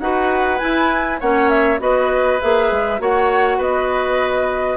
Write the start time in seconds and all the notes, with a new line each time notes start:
0.00 D#4 F#4 B4 F#5
0.59 E4 G#5
1.21 A#3 C#4 C#5 F#5
1.50 E5
1.79 B3 F#4 B4 D#5
2.41 A#3 G#4 E5
2.72 G#3
2.99 A#3 F#4 C#5 F#5
3.58 B3 B4 D#5